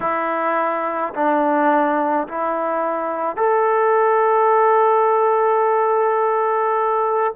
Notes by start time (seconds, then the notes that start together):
0.00 E4
1.14 D4
2.27 E4
3.36 A4